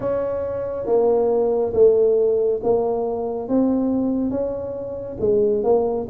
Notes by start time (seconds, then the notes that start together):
0.00 C#4
0.85 A#3
1.73 A3
2.63 A#3
3.48 C4
4.30 C#4
5.20 G#3
5.63 A#3